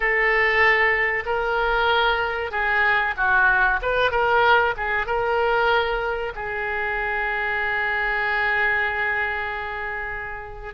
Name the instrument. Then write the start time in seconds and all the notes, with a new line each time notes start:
oboe
0.00 A4
1.25 A#4
2.51 G#4
3.16 F#4
3.82 B4
4.11 A#4
4.77 G#4
5.06 A#4
6.35 G#4